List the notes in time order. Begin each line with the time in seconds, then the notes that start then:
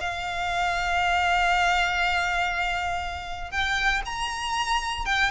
0.00 F5
3.51 G5
4.05 A#5
5.05 G5